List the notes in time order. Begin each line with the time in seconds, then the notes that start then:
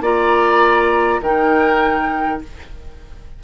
0.00 A#3 F4 D5 A#5
1.20 D#3 D#4 A#4 G5